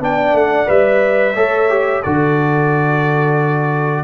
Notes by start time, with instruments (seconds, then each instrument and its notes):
0.00 tuba B3, trombone D4, horn D5, trumpet G5
0.33 tuba A3, trumpet F#5
0.66 tuba G3, trombone B4, trumpet E5
1.35 tuba A3, trombone A4, horn C#5
1.70 trombone G4
2.03 tuba D3, trombone F#4, horn A4, trumpet D5